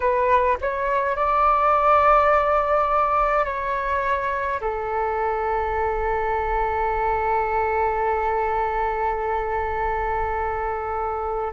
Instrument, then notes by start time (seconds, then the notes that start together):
flute
0.00 B4
0.61 C#5
1.15 D5
3.45 C#5
4.60 A4